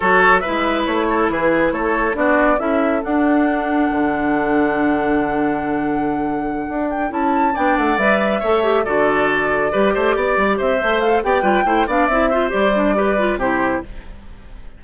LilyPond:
<<
  \new Staff \with { instrumentName = "flute" } { \time 4/4 \tempo 4 = 139 cis''4 e''4 cis''4 b'4 | cis''4 d''4 e''4 fis''4~ | fis''1~ | fis''1 |
g''8 a''4 g''8 fis''8 e''4.~ | e''8 d''2.~ d''8~ | d''8 e''4 f''8 g''4. f''8 | e''4 d''2 c''4 | }
  \new Staff \with { instrumentName = "oboe" } { \time 4/4 a'4 b'4. a'8 gis'4 | a'4 fis'4 a'2~ | a'1~ | a'1~ |
a'4. d''2 cis''8~ | cis''8 a'2 b'8 c''8 d''8~ | d''8 c''4. d''8 b'8 c''8 d''8~ | d''8 c''4. b'4 g'4 | }
  \new Staff \with { instrumentName = "clarinet" } { \time 4/4 fis'4 e'2.~ | e'4 d'4 e'4 d'4~ | d'1~ | d'1~ |
d'8 e'4 d'4 b'4 a'8 | g'8 fis'2 g'4.~ | g'4 c''8 a'8 g'8 f'8 e'8 d'8 | e'8 f'8 g'8 d'8 g'8 f'8 e'4 | }
  \new Staff \with { instrumentName = "bassoon" } { \time 4/4 fis4 gis4 a4 e4 | a4 b4 cis'4 d'4~ | d'4 d2.~ | d2.~ d8 d'8~ |
d'8 cis'4 b8 a8 g4 a8~ | a8 d2 g8 a8 b8 | g8 c'8 a4 b8 g8 a8 b8 | c'4 g2 c4 | }
>>